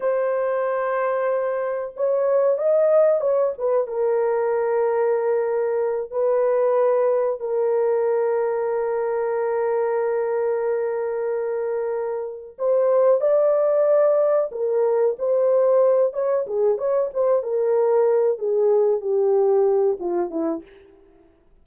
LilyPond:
\new Staff \with { instrumentName = "horn" } { \time 4/4 \tempo 4 = 93 c''2. cis''4 | dis''4 cis''8 b'8 ais'2~ | ais'4. b'2 ais'8~ | ais'1~ |
ais'2.~ ais'8 c''8~ | c''8 d''2 ais'4 c''8~ | c''4 cis''8 gis'8 cis''8 c''8 ais'4~ | ais'8 gis'4 g'4. f'8 e'8 | }